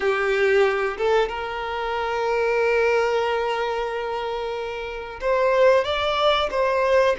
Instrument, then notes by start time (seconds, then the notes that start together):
violin
0.00 G4
0.97 A4
1.28 A#4
5.20 C5
5.84 D5
6.50 C5